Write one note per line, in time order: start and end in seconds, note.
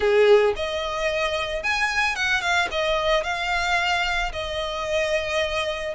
0.00 0.54 G#4
0.56 1.63 D#5
1.63 2.15 G#5
2.15 2.41 F#5
2.41 2.68 F5
2.71 3.23 D#5
3.23 4.31 F5
4.32 5.94 D#5